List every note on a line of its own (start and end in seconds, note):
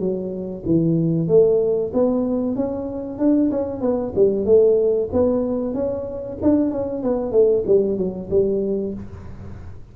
0.00 0.64 F#3
0.66 1.29 E3
1.29 1.92 A3
1.94 2.56 B3
2.56 3.19 C#4
3.19 3.51 D4
3.52 3.82 C#4
3.82 4.14 B3
4.16 4.46 G3
4.46 5.10 A3
5.13 5.75 B3
5.75 6.39 C#4
6.43 6.72 D4
6.72 7.04 C#4
7.04 7.32 B3
7.32 7.64 A3
7.67 7.98 G3
7.98 8.30 F#3
8.31 8.94 G3